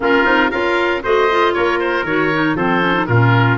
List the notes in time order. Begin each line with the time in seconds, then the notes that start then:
0.00 A#3 C#4 F4 A#4
0.24 C4 D#4
0.50 C#4 F4 A#4 F5
1.03 A3 F#4 C5 D#5
1.30 F4
1.53 A#3 A#4 C#5
1.79 C5
2.03 D#3 F#4 C#5
2.32 D#4
2.54 F3 C4 A4 C5
2.81 C#4
2.93 D#4
3.06 A#2 C#4 F4 A#4